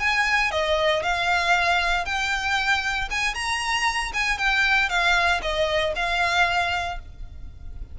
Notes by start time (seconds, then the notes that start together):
0.00 G#5
0.52 D#5
1.03 F5
2.06 G5
3.11 G#5
3.35 A#5
4.14 G#5
4.38 G5
4.90 F5
5.42 D#5
5.96 F5